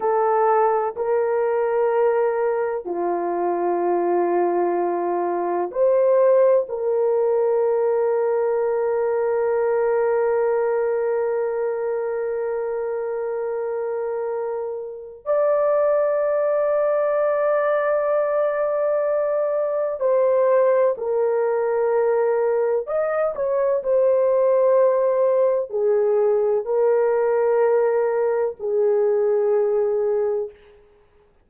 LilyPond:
\new Staff \with { instrumentName = "horn" } { \time 4/4 \tempo 4 = 63 a'4 ais'2 f'4~ | f'2 c''4 ais'4~ | ais'1~ | ais'1 |
d''1~ | d''4 c''4 ais'2 | dis''8 cis''8 c''2 gis'4 | ais'2 gis'2 | }